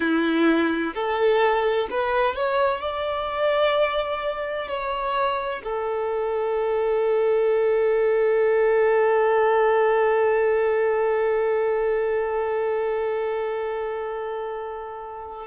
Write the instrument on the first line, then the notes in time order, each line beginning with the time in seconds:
violin
0.00 E4
0.94 A4
1.90 B4
2.35 C#5
2.80 D5
4.68 C#5
5.63 A4